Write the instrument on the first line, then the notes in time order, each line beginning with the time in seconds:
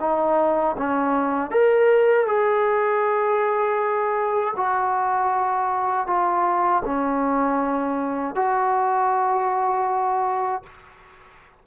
trombone
0.00 D#4
0.78 C#4
1.51 A#4
2.27 G#4
4.56 F#4
6.07 F4
6.85 C#4
8.35 F#4